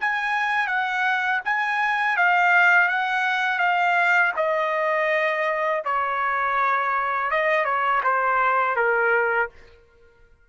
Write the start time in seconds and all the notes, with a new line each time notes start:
0.00 G#5
0.67 F#5
1.44 G#5
2.16 F5
2.88 F#5
3.59 F5
4.36 D#5
5.84 C#5
7.31 D#5
7.64 C#5
8.03 C5
8.76 A#4